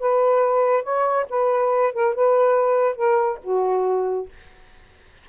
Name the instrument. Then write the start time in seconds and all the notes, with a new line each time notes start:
saxophone
0.00 B4
0.83 C#5
1.30 B4
1.94 A#4
2.15 B4
2.96 A#4
3.43 F#4